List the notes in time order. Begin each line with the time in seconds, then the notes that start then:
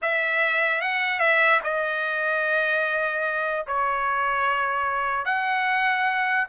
0.02 E5
0.81 F#5
1.19 E5
1.63 D#5
3.66 C#5
5.25 F#5